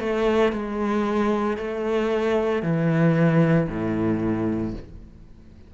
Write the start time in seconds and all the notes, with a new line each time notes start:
0.00 A3
0.53 G#3
1.57 A3
2.63 E3
3.68 A2